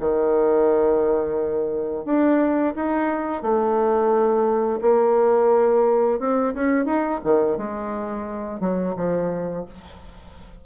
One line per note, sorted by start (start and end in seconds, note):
0.00 2.05 D#3
2.05 2.74 D4
2.76 3.42 D#4
3.42 4.80 A3
4.82 6.20 A#3
6.20 6.54 C4
6.55 6.86 C#4
6.86 7.20 D#4
7.24 7.58 D#3
7.58 8.61 G#3
8.61 8.95 F#3
8.97 9.66 F3